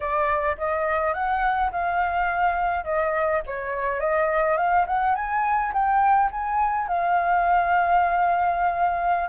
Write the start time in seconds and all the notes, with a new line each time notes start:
0.00 D5
0.57 D#5
1.13 F#5
1.71 F5
2.84 D#5
3.46 C#5
3.99 D#5
4.57 F5
4.86 F#5
5.15 G#5
5.73 G5
6.31 G#5
6.87 F5